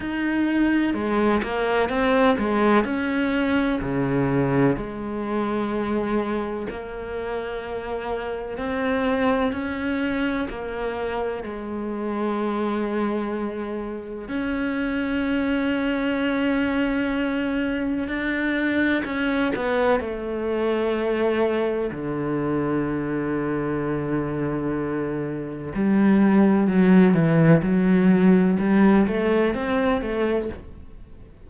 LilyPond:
\new Staff \with { instrumentName = "cello" } { \time 4/4 \tempo 4 = 63 dis'4 gis8 ais8 c'8 gis8 cis'4 | cis4 gis2 ais4~ | ais4 c'4 cis'4 ais4 | gis2. cis'4~ |
cis'2. d'4 | cis'8 b8 a2 d4~ | d2. g4 | fis8 e8 fis4 g8 a8 c'8 a8 | }